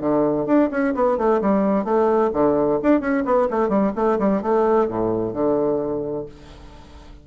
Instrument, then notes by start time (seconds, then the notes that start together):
bassoon
0.00 D3
0.46 D4
0.70 C#4
0.94 B3
1.17 A3
1.41 G3
1.84 A3
2.33 D3
2.83 D4
3.00 C#4
3.25 B3
3.50 A3
3.68 G3
3.95 A3
4.18 G3
4.42 A3
4.88 A2
5.33 D3